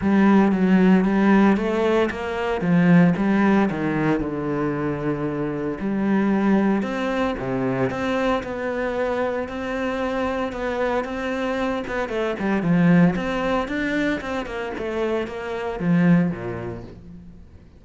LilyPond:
\new Staff \with { instrumentName = "cello" } { \time 4/4 \tempo 4 = 114 g4 fis4 g4 a4 | ais4 f4 g4 dis4 | d2. g4~ | g4 c'4 c4 c'4 |
b2 c'2 | b4 c'4. b8 a8 g8 | f4 c'4 d'4 c'8 ais8 | a4 ais4 f4 ais,4 | }